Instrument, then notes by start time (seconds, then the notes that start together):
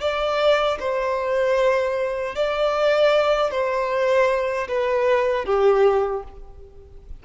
violin
0.00 D5
0.80 C5
2.35 D5
3.51 C5
4.68 B4
5.45 G4